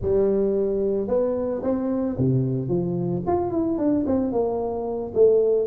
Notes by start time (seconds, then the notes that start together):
0.01 G3
1.07 B3
1.62 C4
2.17 C3
2.68 F3
3.27 F4
3.51 E4
3.78 D4
4.06 C4
4.31 A#3
5.14 A3